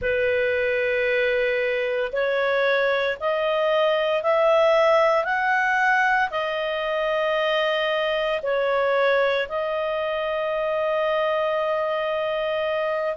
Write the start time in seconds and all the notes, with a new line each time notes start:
0.01 B4
2.12 C#5
3.20 D#5
4.22 E5
5.24 F#5
6.30 D#5
8.42 C#5
9.48 D#5